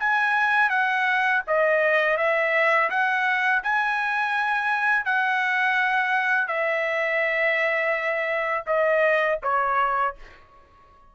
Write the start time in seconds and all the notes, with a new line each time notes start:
0.00 G#5
0.70 F#5
1.48 D#5
2.18 E5
2.90 F#5
3.63 G#5
5.06 F#5
6.48 E5
8.67 D#5
9.43 C#5